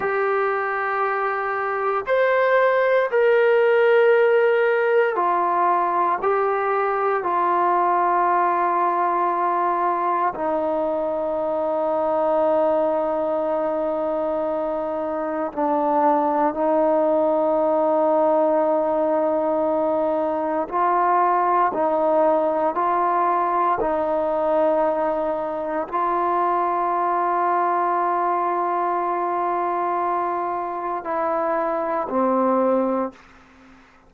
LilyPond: \new Staff \with { instrumentName = "trombone" } { \time 4/4 \tempo 4 = 58 g'2 c''4 ais'4~ | ais'4 f'4 g'4 f'4~ | f'2 dis'2~ | dis'2. d'4 |
dis'1 | f'4 dis'4 f'4 dis'4~ | dis'4 f'2.~ | f'2 e'4 c'4 | }